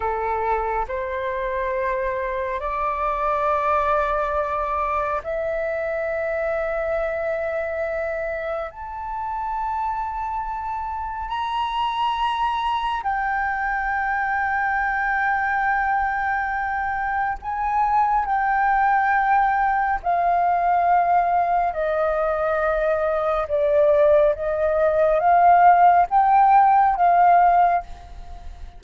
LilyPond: \new Staff \with { instrumentName = "flute" } { \time 4/4 \tempo 4 = 69 a'4 c''2 d''4~ | d''2 e''2~ | e''2 a''2~ | a''4 ais''2 g''4~ |
g''1 | gis''4 g''2 f''4~ | f''4 dis''2 d''4 | dis''4 f''4 g''4 f''4 | }